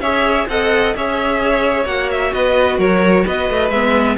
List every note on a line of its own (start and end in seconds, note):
0.00 0.46 C#4
0.00 0.49 G#4
0.00 0.47 C#5
0.00 0.47 E5
0.48 0.94 C4
0.48 0.96 A4
0.48 0.96 D#5
0.48 0.95 F#5
0.96 1.85 C#4
0.96 1.85 G#4
0.96 2.33 C#5
0.96 1.87 E5
1.85 2.32 A#3
1.85 3.70 F#4
1.85 2.10 F#5
2.11 2.33 E5
2.33 2.78 B3
2.33 2.78 B4
2.33 2.79 D#5
2.78 3.24 F#3
2.78 3.24 A#4
2.78 3.26 C#5
3.25 3.50 B3
3.25 4.17 B4
3.25 3.70 D#5
3.50 3.70 A3
3.70 4.16 G#3
3.70 4.17 B3
3.70 4.17 E5